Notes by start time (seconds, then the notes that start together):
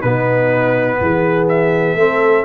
0.00 B2 B3 D#4 B4
1.01 E3 G#4
1.48 E5
1.95 A3 C4 A4